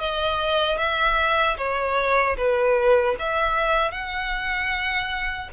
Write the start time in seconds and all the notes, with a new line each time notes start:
0.00 D#5
0.78 E5
1.58 C#5
2.37 B4
3.19 E5
3.92 F#5